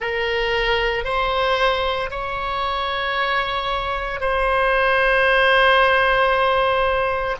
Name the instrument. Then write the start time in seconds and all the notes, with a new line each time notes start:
oboe
0.00 A#4
1.04 C5
2.10 C#5
4.20 C5